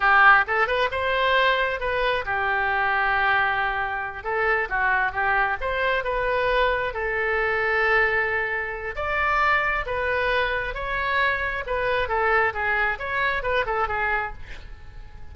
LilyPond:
\new Staff \with { instrumentName = "oboe" } { \time 4/4 \tempo 4 = 134 g'4 a'8 b'8 c''2 | b'4 g'2.~ | g'4. a'4 fis'4 g'8~ | g'8 c''4 b'2 a'8~ |
a'1 | d''2 b'2 | cis''2 b'4 a'4 | gis'4 cis''4 b'8 a'8 gis'4 | }